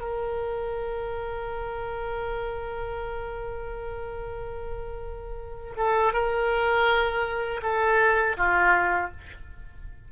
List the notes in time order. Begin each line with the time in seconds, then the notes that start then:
0.00 A#4
5.76 A4
6.13 A#4
7.62 A4
8.37 F4